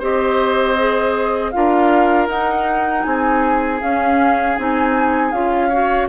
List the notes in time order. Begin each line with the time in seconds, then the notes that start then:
0.00 C4 G4 C5 D#5
0.78 G#4
1.52 D4 F4 A#4 F5
2.28 D#4 F#5
3.03 C4 G#4 G#5
3.81 C#4 F5
4.57 C4 D#4 G#5
5.32 C#4 F4 F5
5.70 F#4 C#5